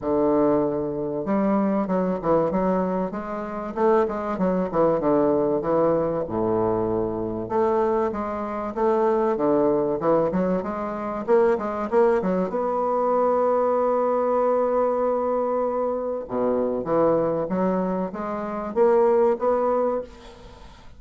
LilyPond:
\new Staff \with { instrumentName = "bassoon" } { \time 4/4 \tempo 4 = 96 d2 g4 fis8 e8 | fis4 gis4 a8 gis8 fis8 e8 | d4 e4 a,2 | a4 gis4 a4 d4 |
e8 fis8 gis4 ais8 gis8 ais8 fis8 | b1~ | b2 b,4 e4 | fis4 gis4 ais4 b4 | }